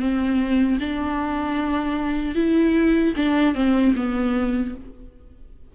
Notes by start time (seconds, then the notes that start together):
0.00 C4
0.80 D4
2.36 E4
3.17 D4
3.55 C4
3.96 B3